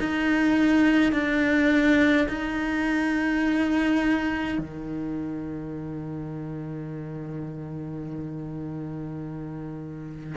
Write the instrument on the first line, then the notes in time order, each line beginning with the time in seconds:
cello
0.00 D#4
1.12 D4
2.29 D#4
4.58 D#3